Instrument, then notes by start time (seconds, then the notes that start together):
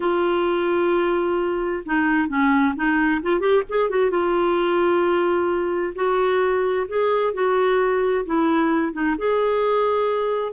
clarinet
0.00 F4
1.85 D#4
2.28 C#4
2.75 D#4
3.22 F4
3.40 G4
3.69 G#4
3.89 F#4
4.10 F4
5.95 F#4
6.87 G#4
7.33 F#4
8.25 E4
8.92 D#4
9.18 G#4